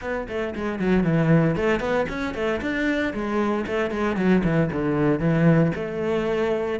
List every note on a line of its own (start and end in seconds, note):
0.01 0.27 B3
0.28 0.54 A3
0.55 0.79 G#3
0.79 1.03 F#3
1.03 1.55 E3
1.56 1.80 A3
1.80 2.06 B3
2.08 2.34 C#4
2.34 2.60 A3
2.61 3.13 D4
3.13 3.65 G#3
3.66 3.91 A3
3.91 4.16 G#3
4.16 4.42 F#3
4.43 4.70 E3
4.72 5.19 D3
5.19 5.72 E3
5.75 6.79 A3